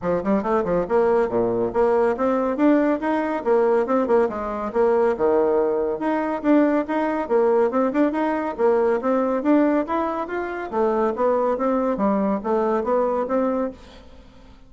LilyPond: \new Staff \with { instrumentName = "bassoon" } { \time 4/4 \tempo 4 = 140 f8 g8 a8 f8 ais4 ais,4 | ais4 c'4 d'4 dis'4 | ais4 c'8 ais8 gis4 ais4 | dis2 dis'4 d'4 |
dis'4 ais4 c'8 d'8 dis'4 | ais4 c'4 d'4 e'4 | f'4 a4 b4 c'4 | g4 a4 b4 c'4 | }